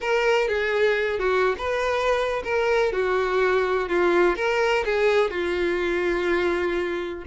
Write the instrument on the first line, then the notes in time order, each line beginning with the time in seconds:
violin
0.00 A#4
0.48 G#4
1.19 F#4
1.58 B4
2.44 A#4
2.92 F#4
3.88 F4
4.36 A#4
4.85 G#4
5.30 F4